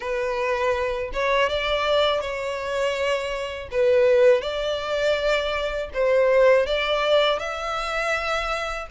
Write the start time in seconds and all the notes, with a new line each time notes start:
0.00 B4
1.13 C#5
1.49 D5
2.20 C#5
3.71 B4
4.41 D5
5.93 C5
6.66 D5
7.39 E5